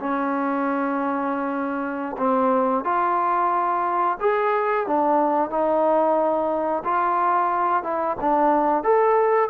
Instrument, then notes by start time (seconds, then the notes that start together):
trombone
0.00 C#4
2.18 C4
2.85 F4
4.21 G#4
4.87 D4
5.50 D#4
6.85 F4
7.84 E4
8.21 D4
8.84 A4